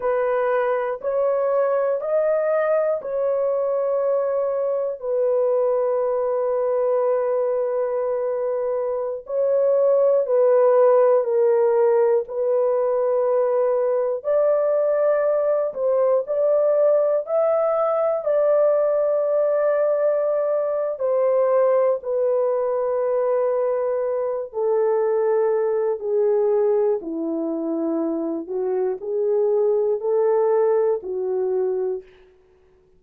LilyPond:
\new Staff \with { instrumentName = "horn" } { \time 4/4 \tempo 4 = 60 b'4 cis''4 dis''4 cis''4~ | cis''4 b'2.~ | b'4~ b'16 cis''4 b'4 ais'8.~ | ais'16 b'2 d''4. c''16~ |
c''16 d''4 e''4 d''4.~ d''16~ | d''4 c''4 b'2~ | b'8 a'4. gis'4 e'4~ | e'8 fis'8 gis'4 a'4 fis'4 | }